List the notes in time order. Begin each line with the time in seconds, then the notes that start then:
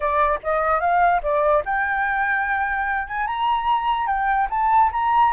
0.00 D5
0.43 D#5
0.80 F5
1.22 D5
1.65 G5
3.07 G#5
3.27 A#5
4.06 G5
4.50 A5
4.92 A#5